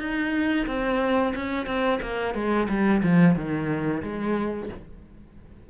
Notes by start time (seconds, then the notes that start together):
0.00 D#4
0.67 C4
1.35 C#4
1.67 C4
2.03 A#3
2.35 G#3
2.69 G3
3.03 F3
3.36 D#3
4.03 G#3